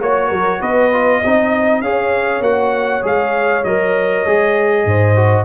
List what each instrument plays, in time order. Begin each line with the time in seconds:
0.00 tuba A#3, trombone F#4, trumpet C#5, horn C#5
0.28 tuba F#3, horn A#4
0.59 tuba B3, horn B4, trumpet D#5
0.92 trombone F4
1.20 tuba C4, trombone D#4, horn D#5
1.81 tuba C#4, trombone G#4, horn C#5, trumpet F5
2.40 tuba A#3, trombone F#4, trumpet F#5
3.02 tuba G#3, trombone G#4, trumpet F5
3.64 tuba F#3, trombone A#4, trumpet D#5
4.26 tuba G#3, trombone G#4
4.85 tuba G#2, horn C5
5.15 trombone F#4